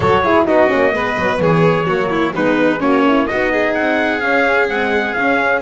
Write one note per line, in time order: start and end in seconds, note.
0.00 0.47 F#3
0.00 0.24 F#4
0.00 0.23 A4
0.00 0.45 C#5
0.24 0.45 E4
0.24 0.47 G#4
0.45 0.71 B3
0.45 0.67 D#4
0.45 0.94 F#4
0.45 1.40 D#5
0.67 0.94 A#3
0.67 0.91 C#4
0.91 1.17 G#3
0.91 1.85 B3
0.91 1.41 B4
1.18 1.40 F#3
1.40 1.87 E3
1.40 1.86 G#4
1.40 2.35 C#5
1.86 2.34 F#3
1.86 2.34 A#3
1.86 2.09 F#4
2.09 2.33 E4
2.35 2.81 G#3
2.35 2.82 B3
2.35 2.79 D#4
2.35 2.80 B4
2.79 3.28 A#3
2.79 3.26 C#4
2.79 3.05 F#4
2.79 3.26 C#5
3.07 3.30 E4
3.26 3.77 B3
3.26 4.21 D#4
3.26 3.52 F#4
3.26 3.73 D#5
3.52 5.61 G#4
3.74 4.22 C4
3.74 4.20 F#5
4.20 4.68 C#4
4.20 4.69 C#4
4.20 4.67 F5
4.68 5.15 G#3
4.68 5.15 C4
4.68 5.13 F#5
5.13 5.61 C#4
5.13 5.60 F5